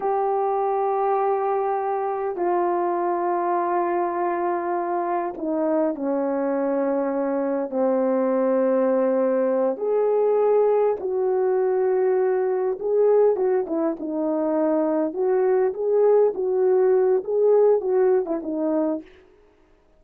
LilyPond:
\new Staff \with { instrumentName = "horn" } { \time 4/4 \tempo 4 = 101 g'1 | f'1~ | f'4 dis'4 cis'2~ | cis'4 c'2.~ |
c'8 gis'2 fis'4.~ | fis'4. gis'4 fis'8 e'8 dis'8~ | dis'4. fis'4 gis'4 fis'8~ | fis'4 gis'4 fis'8. e'16 dis'4 | }